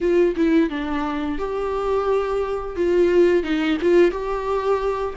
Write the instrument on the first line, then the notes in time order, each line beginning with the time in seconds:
viola
0.00 F4
0.35 E4
0.69 D4
1.38 G4
2.76 F4
3.43 D#4
3.81 F4
4.11 G4